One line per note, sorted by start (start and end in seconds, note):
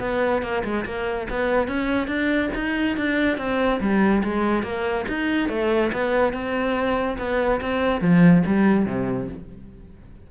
0.00 0.42 B3
0.42 0.63 A#3
0.64 0.85 G#3
0.85 1.28 A#3
1.30 1.68 B3
1.68 2.07 C#4
2.07 2.50 D4
2.55 2.97 D#4
2.97 3.37 D4
3.37 3.80 C4
3.80 4.23 G3
4.24 4.63 G#3
4.63 5.06 A#3
5.08 5.49 D#4
5.49 5.91 A3
5.93 6.33 B3
6.33 7.18 C4
7.18 7.61 B3
7.61 8.01 C4
8.01 8.43 F3
8.46 8.86 G3
8.86 9.28 C3